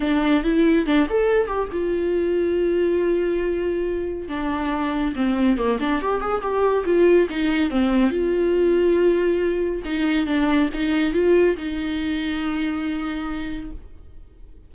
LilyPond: \new Staff \with { instrumentName = "viola" } { \time 4/4 \tempo 4 = 140 d'4 e'4 d'8 a'4 g'8 | f'1~ | f'2 d'2 | c'4 ais8 d'8 g'8 gis'8 g'4 |
f'4 dis'4 c'4 f'4~ | f'2. dis'4 | d'4 dis'4 f'4 dis'4~ | dis'1 | }